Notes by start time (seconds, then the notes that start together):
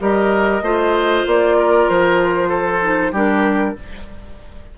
0.00 G3 G4 A#4 D#5
0.62 A3 F4 C5
1.26 A#3 D5
1.58 A#4
1.89 F3 C5
2.49 A4
2.82 D#4
3.12 G3 D4 G4 A#4